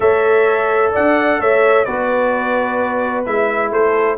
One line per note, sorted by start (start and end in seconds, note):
0.00 0.92 A3
0.00 1.86 A4
0.00 0.92 C#5
0.00 0.92 E5
0.92 1.39 D4
0.92 1.39 D5
0.92 1.41 F#5
1.39 1.86 A3
1.39 1.85 C#5
1.39 1.84 E5
1.84 3.26 B3
1.84 3.25 F#4
1.84 3.71 B4
1.84 3.24 D5
3.25 3.71 G#3
3.25 4.18 E4
3.25 3.72 E5
3.71 4.17 A3
3.71 4.18 A4
3.71 4.18 C5